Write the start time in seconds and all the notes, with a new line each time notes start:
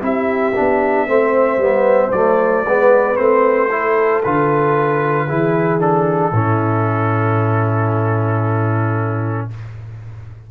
0.00 C4 E4 G4 E5
0.55 B3 D4
1.07 A3 C4 C5
1.57 G3 B3
2.11 F#3 A3 D5
2.65 G#3 B3 B4
3.16 A3 C4 C5
3.71 E4 A4
4.23 D3 F4 B4
5.27 E3 E4 G#4
5.79 D4 A4
6.32 A2 C#4 E4